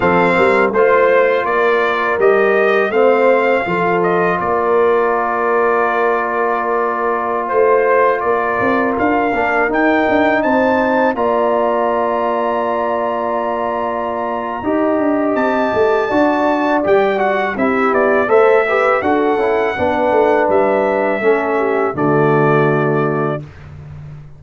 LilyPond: <<
  \new Staff \with { instrumentName = "trumpet" } { \time 4/4 \tempo 4 = 82 f''4 c''4 d''4 dis''4 | f''4. dis''8 d''2~ | d''2~ d''16 c''4 d''8.~ | d''16 f''4 g''4 a''4 ais''8.~ |
ais''1~ | ais''4 a''2 g''8 fis''8 | e''8 d''8 e''4 fis''2 | e''2 d''2 | }
  \new Staff \with { instrumentName = "horn" } { \time 4/4 a'8 ais'8 c''4 ais'2 | c''4 a'4 ais'2~ | ais'2~ ais'16 c''4 ais'8.~ | ais'2~ ais'16 c''4 d''8.~ |
d''1 | dis''2 d''2 | g'4 c''8 b'8 a'4 b'4~ | b'4 a'8 g'8 fis'2 | }
  \new Staff \with { instrumentName = "trombone" } { \time 4/4 c'4 f'2 g'4 | c'4 f'2.~ | f'1~ | f'8. d'8 dis'2 f'8.~ |
f'1 | g'2 fis'4 g'8 fis'8 | e'4 a'8 g'8 fis'8 e'8 d'4~ | d'4 cis'4 a2 | }
  \new Staff \with { instrumentName = "tuba" } { \time 4/4 f8 g8 a4 ais4 g4 | a4 f4 ais2~ | ais2~ ais16 a4 ais8 c'16~ | c'16 d'8 ais8 dis'8 d'8 c'4 ais8.~ |
ais1 | dis'8 d'8 c'8 a8 d'4 g4 | c'8 b8 a4 d'8 cis'8 b8 a8 | g4 a4 d2 | }
>>